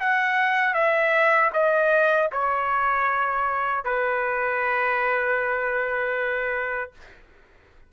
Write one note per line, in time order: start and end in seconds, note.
0.00 0.74 F#5
0.74 1.51 E5
1.53 2.30 D#5
2.32 3.84 C#5
3.84 6.92 B4